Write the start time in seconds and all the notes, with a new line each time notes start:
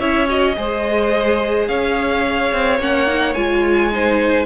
0.00 C#4 E4 C#5 E5
0.28 F#4 D#5
0.57 G#3 G#4 C5
1.68 C#4 C#5 F5
2.53 C4
2.80 A#3 C#4 F#5
3.07 D#4
3.35 G#3 F4 G#5
3.93 D#4 C5